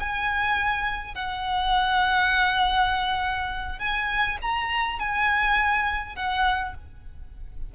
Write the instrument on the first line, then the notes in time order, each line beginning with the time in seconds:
violin
0.00 G#5
1.15 F#5
3.79 G#5
4.42 A#5
5.00 G#5
6.16 F#5